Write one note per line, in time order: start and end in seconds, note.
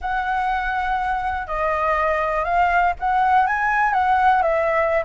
0.01 1.47 F#5
1.47 2.44 D#5
2.44 2.93 F5
2.99 3.46 F#5
3.46 3.93 G#5
3.93 4.42 F#5
4.42 5.03 E5